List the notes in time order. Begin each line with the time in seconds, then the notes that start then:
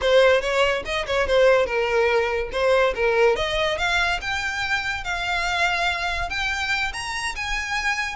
0.01 C5
0.41 C#5
0.85 D#5
1.06 C#5
1.27 C5
1.66 A#4
2.52 C5
2.95 A#4
3.36 D#5
3.78 F5
4.21 G5
5.04 F5
6.29 G5
6.93 A#5
7.35 G#5